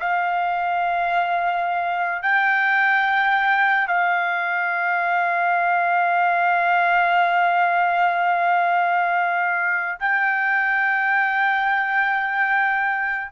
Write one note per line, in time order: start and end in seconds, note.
0.00 2.22 F5
2.23 3.88 G5
3.88 9.99 F5
10.00 13.32 G5